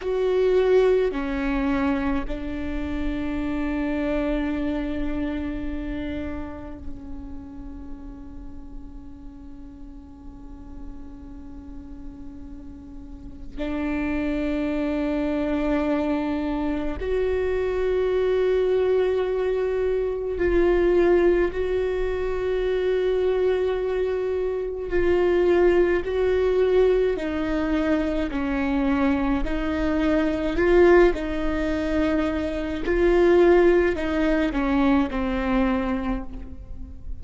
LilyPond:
\new Staff \with { instrumentName = "viola" } { \time 4/4 \tempo 4 = 53 fis'4 cis'4 d'2~ | d'2 cis'2~ | cis'1 | d'2. fis'4~ |
fis'2 f'4 fis'4~ | fis'2 f'4 fis'4 | dis'4 cis'4 dis'4 f'8 dis'8~ | dis'4 f'4 dis'8 cis'8 c'4 | }